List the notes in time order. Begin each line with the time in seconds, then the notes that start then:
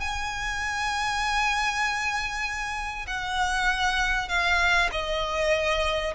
0.00 G#5
3.07 F#5
4.28 F5
4.91 D#5